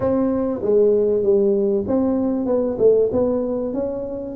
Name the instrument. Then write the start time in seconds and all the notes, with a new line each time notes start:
tuba
0.00 C4
0.62 G#3
1.22 G3
1.87 C4
2.46 B3
2.78 A3
3.12 B3
3.73 C#4